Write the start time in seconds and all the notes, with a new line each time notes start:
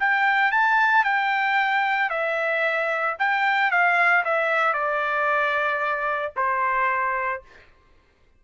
0.00 G5
0.51 A5
1.04 G5
2.10 E5
3.19 G5
3.71 F5
4.25 E5
4.74 D5
6.36 C5